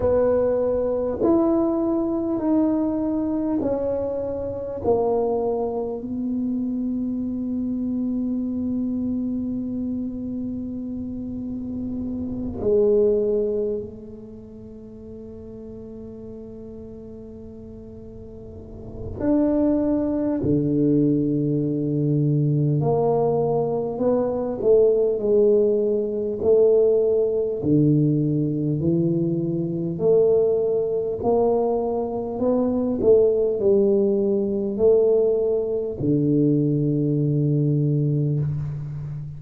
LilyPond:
\new Staff \with { instrumentName = "tuba" } { \time 4/4 \tempo 4 = 50 b4 e'4 dis'4 cis'4 | ais4 b2.~ | b2~ b8 gis4 a8~ | a1 |
d'4 d2 ais4 | b8 a8 gis4 a4 d4 | e4 a4 ais4 b8 a8 | g4 a4 d2 | }